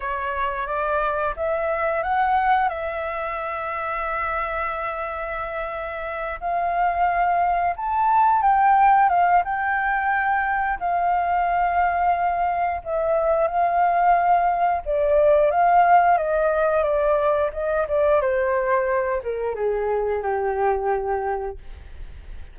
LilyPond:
\new Staff \with { instrumentName = "flute" } { \time 4/4 \tempo 4 = 89 cis''4 d''4 e''4 fis''4 | e''1~ | e''4. f''2 a''8~ | a''8 g''4 f''8 g''2 |
f''2. e''4 | f''2 d''4 f''4 | dis''4 d''4 dis''8 d''8 c''4~ | c''8 ais'8 gis'4 g'2 | }